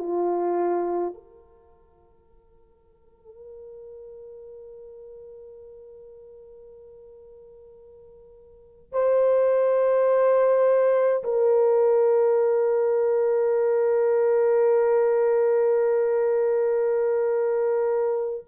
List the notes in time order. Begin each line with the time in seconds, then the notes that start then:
0.00 F4
1.14 A#4
8.93 C5
11.24 A#4